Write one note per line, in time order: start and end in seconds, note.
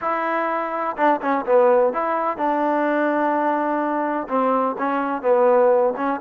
0.01 0.96 E4
0.96 1.20 D4
1.21 1.45 C#4
1.45 1.93 B3
1.93 2.37 E4
2.37 4.27 D4
4.28 4.76 C4
4.78 5.22 C#4
5.22 5.93 B3
5.96 6.20 C#4